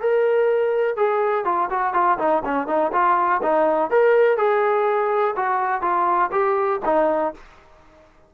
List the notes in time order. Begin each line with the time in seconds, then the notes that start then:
0.00 A#4
0.96 G#4
1.45 F4
1.70 F#4
1.93 F4
2.18 D#4
2.45 C#4
2.67 D#4
2.92 F4
3.42 D#4
3.90 A#4
4.37 G#4
5.36 F#4
5.81 F4
6.31 G4
6.85 D#4